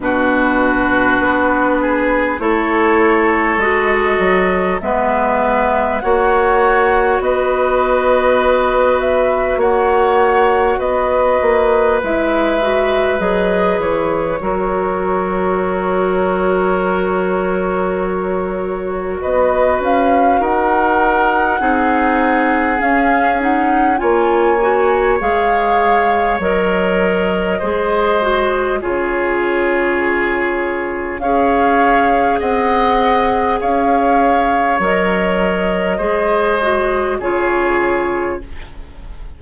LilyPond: <<
  \new Staff \with { instrumentName = "flute" } { \time 4/4 \tempo 4 = 50 b'2 cis''4 dis''4 | e''4 fis''4 dis''4. e''8 | fis''4 dis''4 e''4 dis''8 cis''8~ | cis''1 |
dis''8 f''8 fis''2 f''8 fis''8 | gis''4 f''4 dis''2 | cis''2 f''4 fis''4 | f''4 dis''2 cis''4 | }
  \new Staff \with { instrumentName = "oboe" } { \time 4/4 fis'4. gis'8 a'2 | b'4 cis''4 b'2 | cis''4 b'2. | ais'1 |
b'4 ais'4 gis'2 | cis''2. c''4 | gis'2 cis''4 dis''4 | cis''2 c''4 gis'4 | }
  \new Staff \with { instrumentName = "clarinet" } { \time 4/4 d'2 e'4 fis'4 | b4 fis'2.~ | fis'2 e'8 fis'8 gis'4 | fis'1~ |
fis'2 dis'4 cis'8 dis'8 | f'8 fis'8 gis'4 ais'4 gis'8 fis'8 | f'2 gis'2~ | gis'4 ais'4 gis'8 fis'8 f'4 | }
  \new Staff \with { instrumentName = "bassoon" } { \time 4/4 b,4 b4 a4 gis8 fis8 | gis4 ais4 b2 | ais4 b8 ais8 gis4 fis8 e8 | fis1 |
b8 cis'8 dis'4 c'4 cis'4 | ais4 gis4 fis4 gis4 | cis2 cis'4 c'4 | cis'4 fis4 gis4 cis4 | }
>>